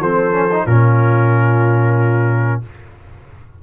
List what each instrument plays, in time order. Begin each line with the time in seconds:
0.00 tuba F3, trombone C4, horn A4, trumpet C5
0.32 trombone C#4
0.52 trombone D#4
0.66 tuba A#2, trombone C#4, horn F4, trumpet A#4